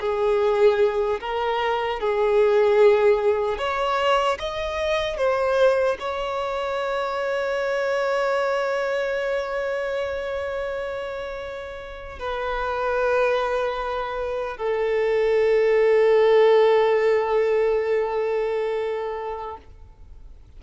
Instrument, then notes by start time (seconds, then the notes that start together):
violin
0.00 G#4
1.20 A#4
2.00 G#4
3.58 C#5
4.39 D#5
5.17 C5
6.00 C#5
12.19 B4
14.57 A4